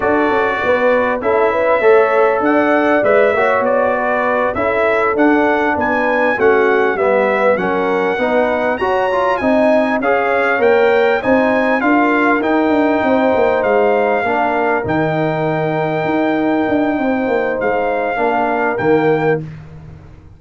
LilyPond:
<<
  \new Staff \with { instrumentName = "trumpet" } { \time 4/4 \tempo 4 = 99 d''2 e''2 | fis''4 e''4 d''4. e''8~ | e''8 fis''4 gis''4 fis''4 e''8~ | e''8 fis''2 ais''4 gis''8~ |
gis''8 f''4 g''4 gis''4 f''8~ | f''8 g''2 f''4.~ | f''8 g''2.~ g''8~ | g''4 f''2 g''4 | }
  \new Staff \with { instrumentName = "horn" } { \time 4/4 a'4 b'4 a'8 b'8 cis''4 | d''4. cis''4 b'4 a'8~ | a'4. b'4 fis'4 b'8~ | b'8 ais'4 b'4 cis''4 dis''8~ |
dis''8 cis''2 c''4 ais'8~ | ais'4. c''2 ais'8~ | ais'1 | c''2 ais'2 | }
  \new Staff \with { instrumentName = "trombone" } { \time 4/4 fis'2 e'4 a'4~ | a'4 b'8 fis'2 e'8~ | e'8 d'2 cis'4 b8~ | b8 cis'4 dis'4 fis'8 f'8 dis'8~ |
dis'8 gis'4 ais'4 dis'4 f'8~ | f'8 dis'2. d'8~ | d'8 dis'2.~ dis'8~ | dis'2 d'4 ais4 | }
  \new Staff \with { instrumentName = "tuba" } { \time 4/4 d'8 cis'8 b4 cis'4 a4 | d'4 gis8 ais8 b4. cis'8~ | cis'8 d'4 b4 a4 g8~ | g8 fis4 b4 fis'4 c'8~ |
c'8 cis'4 ais4 c'4 d'8~ | d'8 dis'8 d'8 c'8 ais8 gis4 ais8~ | ais8 dis2 dis'4 d'8 | c'8 ais8 gis4 ais4 dis4 | }
>>